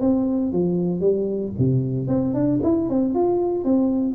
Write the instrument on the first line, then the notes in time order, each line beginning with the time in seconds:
tuba
0.00 C4
0.52 F3
1.00 G3
1.58 C3
2.07 C4
2.34 D4
2.63 E4
2.89 C4
3.14 F4
3.64 C4